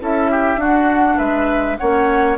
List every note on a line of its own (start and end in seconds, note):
0.00 0.56 C#4
0.00 0.58 E4
0.00 0.31 A4
0.00 0.62 E5
0.31 0.59 G4
0.56 1.15 D4
0.56 1.77 D4
0.56 1.17 F#4
0.56 1.18 F#5
1.17 1.78 G#3
1.17 1.76 B4
1.17 1.77 E5
1.77 2.38 A#3
1.77 2.38 C#4
1.77 2.38 C#5
1.77 2.37 F#5